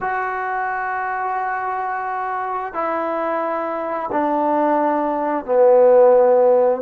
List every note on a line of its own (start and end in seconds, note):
0.00 2.73 F#4
2.73 4.10 E4
4.12 5.45 D4
5.45 6.81 B3